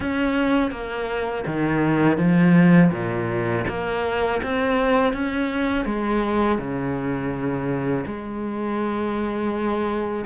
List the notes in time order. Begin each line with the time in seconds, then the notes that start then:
0.00 C#4
0.71 A#3
1.46 D#3
2.18 F3
2.91 A#2
3.68 A#3
4.42 C4
5.13 C#4
5.85 G#3
6.58 C#3
8.06 G#3